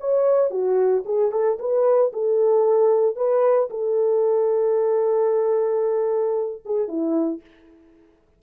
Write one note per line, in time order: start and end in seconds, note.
0.00 0.50 C#5
0.50 1.04 F#4
1.05 1.32 G#4
1.32 1.58 A4
1.59 2.12 B4
2.13 3.16 A4
3.16 3.70 B4
3.70 6.62 A4
6.65 6.88 G#4
6.88 7.41 E4